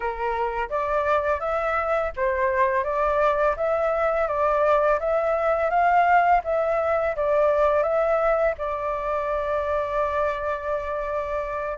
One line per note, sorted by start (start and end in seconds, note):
0.00 0.69 A#4
0.69 1.40 D5
1.40 2.11 E5
2.16 2.83 C5
2.83 3.55 D5
3.56 4.27 E5
4.27 4.99 D5
4.99 5.69 E5
5.69 6.41 F5
6.44 7.15 E5
7.16 7.82 D5
7.82 8.54 E5
8.57 11.78 D5